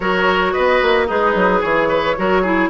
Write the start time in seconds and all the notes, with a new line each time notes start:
0.00 F#3 F#4 A#4 C#5
0.52 B3 B4 D#5
0.82 A#3
1.07 G#3 D#4 G#4 B4
1.34 F#3
1.61 E3 G#4 C#5
1.88 B4
2.17 F#3 F#4 A#4
2.42 E4 G#4